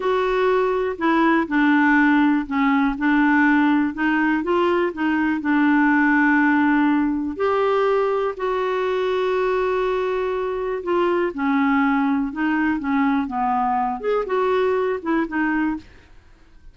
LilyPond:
\new Staff \with { instrumentName = "clarinet" } { \time 4/4 \tempo 4 = 122 fis'2 e'4 d'4~ | d'4 cis'4 d'2 | dis'4 f'4 dis'4 d'4~ | d'2. g'4~ |
g'4 fis'2.~ | fis'2 f'4 cis'4~ | cis'4 dis'4 cis'4 b4~ | b8 gis'8 fis'4. e'8 dis'4 | }